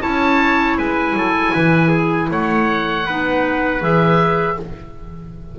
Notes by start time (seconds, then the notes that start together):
0.00 C#4 E4 C#5 A5
0.78 G#3 B4 G#5
1.13 F#3 A4
1.54 E3 B4
1.89 G#4
2.31 A3 C#5 F#5
3.06 B3 D#4 B4
3.81 E3 G#4 E5